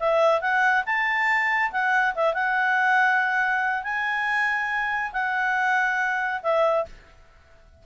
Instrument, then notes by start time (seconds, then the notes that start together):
clarinet
0.00 E5
0.41 F#5
0.86 A5
1.72 F#5
2.15 E5
2.34 F#5
3.84 G#5
5.13 F#5
6.43 E5